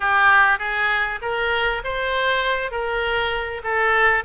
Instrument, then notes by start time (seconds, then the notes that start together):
oboe
0.00 G4
0.58 G#4
1.21 A#4
1.84 C5
2.71 A#4
3.63 A4